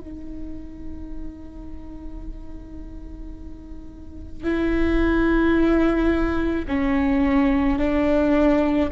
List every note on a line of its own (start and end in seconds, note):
0.00 4.43 D#4
4.43 6.66 E4
6.68 7.79 C#4
7.79 8.90 D4